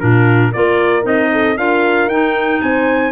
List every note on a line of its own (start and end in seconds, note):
0.00 0.54 A#2
0.00 0.52 D4
0.00 0.51 F4
0.00 0.52 A#4
0.51 1.05 A#3
0.51 1.03 F4
0.51 1.29 A#4
0.51 1.05 D5
1.03 1.57 C4
1.03 1.55 D#4
1.03 1.58 D#5
1.32 1.58 A4
1.57 2.07 D4
1.57 2.10 F4
1.57 2.62 A#4
1.57 2.09 F5
2.07 2.59 D#4
2.07 3.12 D#4
2.07 2.61 G5
2.61 3.12 C4
2.61 3.12 C5
2.61 3.12 G#5